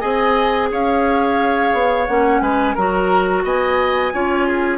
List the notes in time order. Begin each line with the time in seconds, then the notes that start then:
0.00 C4 G#4 D#5 G#5
0.71 C#4 C#5 F5
1.73 B3
2.07 A#3 C#4 F#5
2.41 G#3 B4 G#5
2.74 F#3 F#4 A#4 A#5
3.44 B3 D#5 G#5
4.13 C#4 F4 C#5
4.47 G#4